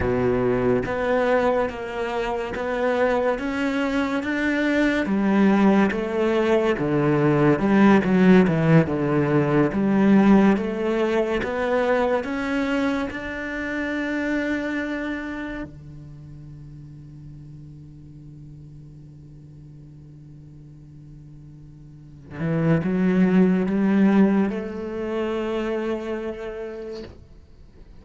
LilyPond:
\new Staff \with { instrumentName = "cello" } { \time 4/4 \tempo 4 = 71 b,4 b4 ais4 b4 | cis'4 d'4 g4 a4 | d4 g8 fis8 e8 d4 g8~ | g8 a4 b4 cis'4 d'8~ |
d'2~ d'8 d4.~ | d1~ | d2~ d8 e8 fis4 | g4 a2. | }